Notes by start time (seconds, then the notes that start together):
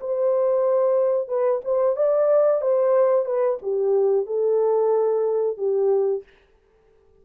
0.00 C5
1.28 B4
1.64 C5
1.96 D5
2.61 C5
3.25 B4
3.62 G4
4.26 A4
5.57 G4